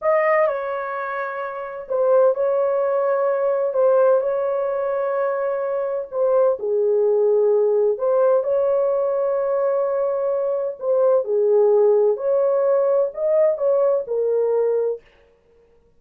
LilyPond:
\new Staff \with { instrumentName = "horn" } { \time 4/4 \tempo 4 = 128 dis''4 cis''2. | c''4 cis''2. | c''4 cis''2.~ | cis''4 c''4 gis'2~ |
gis'4 c''4 cis''2~ | cis''2. c''4 | gis'2 cis''2 | dis''4 cis''4 ais'2 | }